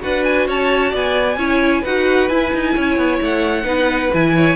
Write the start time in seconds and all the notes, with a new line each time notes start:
0.00 D4 F#4 B4 F#5
0.24 G#5
0.48 C#4 C#5 A5
0.90 B3 D5 G#5
1.36 C#4 E4 C#5
1.81 D#4 F#4 B4 F#5
2.28 E4 G#5
2.53 D#4
2.75 C#4 C#5
2.97 B3
3.21 A3 F#5
3.63 B3 D#4 B4
4.13 E3 E4 G#5
4.36 C#5